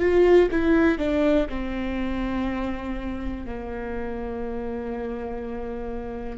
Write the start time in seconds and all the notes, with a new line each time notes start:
0.00 F4
0.51 E4
0.98 D4
1.49 C4
3.46 A#3